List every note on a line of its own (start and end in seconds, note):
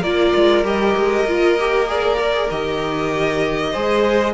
0.00 0.33 A#3
0.00 0.64 F4
0.00 3.71 A#4
0.00 0.65 D5
0.35 0.64 G#3
0.64 0.95 G3
0.64 1.26 G4
0.64 1.90 D#5
0.96 1.25 G#3
1.25 2.48 A#3
1.25 1.59 F4
1.60 1.87 G4
1.87 2.18 G#4
1.87 2.50 D5
2.22 2.34 A#4
2.34 2.50 G#4
2.50 3.75 D#3
2.50 3.75 G4
2.50 4.34 D#5
3.72 4.34 G#3
3.72 4.34 G#4
3.72 4.34 C5